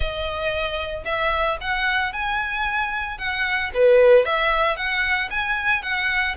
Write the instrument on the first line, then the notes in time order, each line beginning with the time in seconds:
violin
0.00 D#5
1.05 E5
1.60 F#5
2.12 G#5
3.18 F#5
3.73 B4
4.25 E5
4.76 F#5
5.30 G#5
5.82 F#5